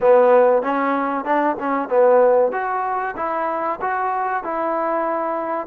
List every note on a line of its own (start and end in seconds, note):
0.00 0.62 B3
0.62 1.25 C#4
1.25 1.56 D4
1.59 1.88 C#4
1.88 2.51 B3
2.52 3.15 F#4
3.16 3.79 E4
3.81 4.43 F#4
4.43 5.67 E4